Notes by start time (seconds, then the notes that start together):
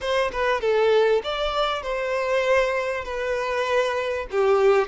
0.00 C5
0.31 B4
0.60 A4
1.23 D5
1.82 C5
3.04 B4
4.31 G4